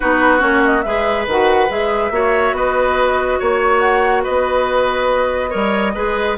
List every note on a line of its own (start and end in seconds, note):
0.00 0.42 B3
0.00 0.39 D#4
0.00 0.84 F#4
0.00 0.41 B4
0.39 0.84 A#3
0.39 0.81 C#4
0.39 0.62 C#5
0.64 0.82 D#5
0.82 1.27 G#3
0.82 1.28 G#4
0.82 2.12 B4
0.82 1.25 E5
1.27 1.69 D#3
1.27 1.69 F#4
1.27 1.71 F#5
1.69 2.10 G#3
1.69 2.11 G#4
1.69 2.55 E5
2.10 2.52 A#3
2.10 5.50 F#4
2.10 2.56 C#5
2.52 3.37 B3
2.52 3.39 B4
2.52 3.40 D#5
3.39 4.26 A#3
3.39 4.23 C#5
3.39 3.79 C#5
3.79 4.22 F#5
4.23 5.54 B3
4.23 5.50 B4
4.23 6.36 D#5
5.50 5.95 G3
5.50 5.92 A#4
5.50 5.92 C#5
5.94 6.37 G#3
5.94 6.37 G#4
5.94 6.37 B4